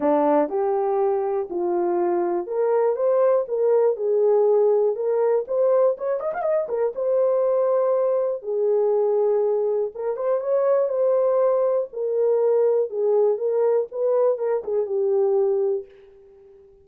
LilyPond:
\new Staff \with { instrumentName = "horn" } { \time 4/4 \tempo 4 = 121 d'4 g'2 f'4~ | f'4 ais'4 c''4 ais'4 | gis'2 ais'4 c''4 | cis''8 dis''16 f''16 dis''8 ais'8 c''2~ |
c''4 gis'2. | ais'8 c''8 cis''4 c''2 | ais'2 gis'4 ais'4 | b'4 ais'8 gis'8 g'2 | }